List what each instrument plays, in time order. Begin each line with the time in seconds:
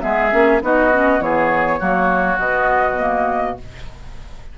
0.00 bassoon G#3, clarinet B3, oboe G#4, flute E5
0.31 bassoon A#3, clarinet C#4
0.61 bassoon B3, clarinet D#4, oboe F#4, flute D#5
0.92 clarinet C#4
1.19 bassoon E3, clarinet B3, oboe G#4, flute C#5
1.79 bassoon F#3, clarinet A#3, oboe F#4
2.37 bassoon B2, clarinet B3, flute D#5
2.98 clarinet A#3